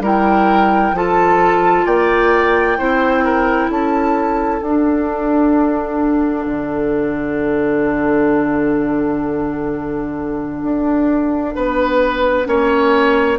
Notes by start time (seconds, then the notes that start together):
0.00 G3 E4 A#4
0.06 G5
0.92 F3 F4 A4 A5
1.86 A#3 D5 G5
2.77 C4 E4 C5
3.25 A#4
3.70 C#4 A4 A5
4.62 D4 F#5
6.47 D3
10.63 D4
11.56 B3 B4
12.46 A#3 C#4 C#5